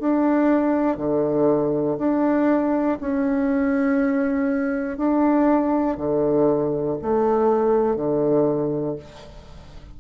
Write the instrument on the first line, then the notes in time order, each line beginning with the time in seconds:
bassoon
0.00 D4
0.97 D3
1.98 D4
3.00 C#4
4.97 D4
5.97 D3
7.02 A3
7.96 D3